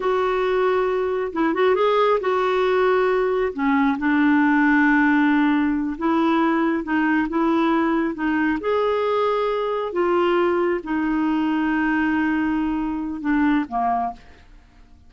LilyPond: \new Staff \with { instrumentName = "clarinet" } { \time 4/4 \tempo 4 = 136 fis'2. e'8 fis'8 | gis'4 fis'2. | cis'4 d'2.~ | d'4. e'2 dis'8~ |
dis'8 e'2 dis'4 gis'8~ | gis'2~ gis'8 f'4.~ | f'8 dis'2.~ dis'8~ | dis'2 d'4 ais4 | }